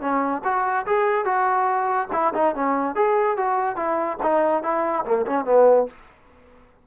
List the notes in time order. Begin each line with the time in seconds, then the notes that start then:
0.00 C#4
0.44 F#4
0.86 G#4
1.25 F#4
2.12 E4
2.34 D#4
2.55 C#4
2.95 G#4
3.37 F#4
3.76 E4
4.22 D#4
4.63 E4
5.05 A#3
5.26 C#4
5.45 B3